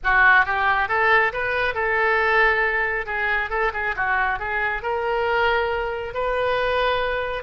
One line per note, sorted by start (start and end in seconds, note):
0.03 0.45 F#4
0.45 0.88 G4
0.88 1.32 A4
1.33 1.74 B4
1.74 3.06 A4
3.06 3.50 G#4
3.50 3.71 A4
3.73 3.95 G#4
3.96 4.39 F#4
4.39 4.82 G#4
4.82 6.14 A#4
6.14 7.43 B4